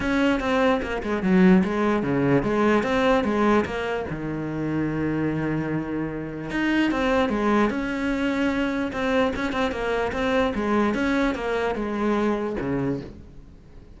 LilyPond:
\new Staff \with { instrumentName = "cello" } { \time 4/4 \tempo 4 = 148 cis'4 c'4 ais8 gis8 fis4 | gis4 cis4 gis4 c'4 | gis4 ais4 dis2~ | dis1 |
dis'4 c'4 gis4 cis'4~ | cis'2 c'4 cis'8 c'8 | ais4 c'4 gis4 cis'4 | ais4 gis2 cis4 | }